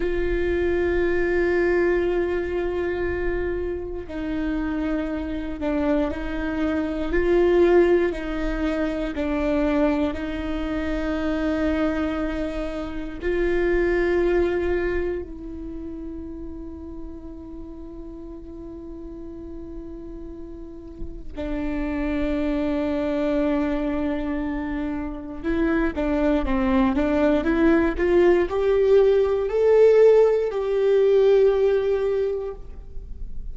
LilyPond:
\new Staff \with { instrumentName = "viola" } { \time 4/4 \tempo 4 = 59 f'1 | dis'4. d'8 dis'4 f'4 | dis'4 d'4 dis'2~ | dis'4 f'2 e'4~ |
e'1~ | e'4 d'2.~ | d'4 e'8 d'8 c'8 d'8 e'8 f'8 | g'4 a'4 g'2 | }